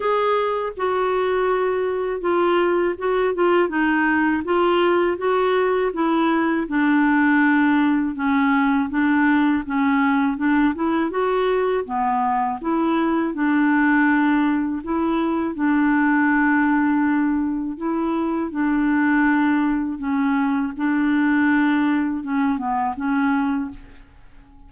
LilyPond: \new Staff \with { instrumentName = "clarinet" } { \time 4/4 \tempo 4 = 81 gis'4 fis'2 f'4 | fis'8 f'8 dis'4 f'4 fis'4 | e'4 d'2 cis'4 | d'4 cis'4 d'8 e'8 fis'4 |
b4 e'4 d'2 | e'4 d'2. | e'4 d'2 cis'4 | d'2 cis'8 b8 cis'4 | }